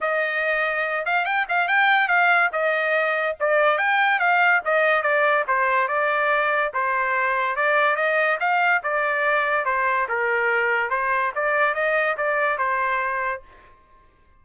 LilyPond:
\new Staff \with { instrumentName = "trumpet" } { \time 4/4 \tempo 4 = 143 dis''2~ dis''8 f''8 g''8 f''8 | g''4 f''4 dis''2 | d''4 g''4 f''4 dis''4 | d''4 c''4 d''2 |
c''2 d''4 dis''4 | f''4 d''2 c''4 | ais'2 c''4 d''4 | dis''4 d''4 c''2 | }